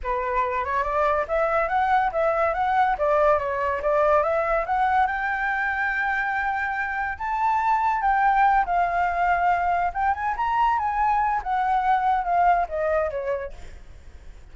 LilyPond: \new Staff \with { instrumentName = "flute" } { \time 4/4 \tempo 4 = 142 b'4. cis''8 d''4 e''4 | fis''4 e''4 fis''4 d''4 | cis''4 d''4 e''4 fis''4 | g''1~ |
g''4 a''2 g''4~ | g''8 f''2. g''8 | gis''8 ais''4 gis''4. fis''4~ | fis''4 f''4 dis''4 cis''4 | }